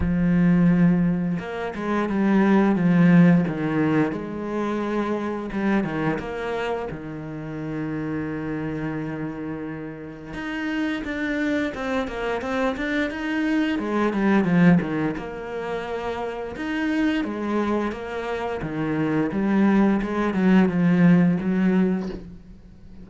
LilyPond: \new Staff \with { instrumentName = "cello" } { \time 4/4 \tempo 4 = 87 f2 ais8 gis8 g4 | f4 dis4 gis2 | g8 dis8 ais4 dis2~ | dis2. dis'4 |
d'4 c'8 ais8 c'8 d'8 dis'4 | gis8 g8 f8 dis8 ais2 | dis'4 gis4 ais4 dis4 | g4 gis8 fis8 f4 fis4 | }